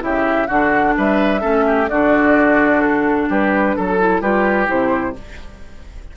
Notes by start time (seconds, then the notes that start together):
0.00 C#3 E4 G4 E5
0.47 D3 D4 F#4 F#5
0.97 G3 B4 E5
1.41 A3 C#4 A4
1.66 G4
1.89 D3 D4 F#4 D5
2.81 A4
3.29 G3 G4 B4
3.76 F#3 A4
3.99 E4
4.21 G3 F4 G4 B4
4.66 C3 E4 C5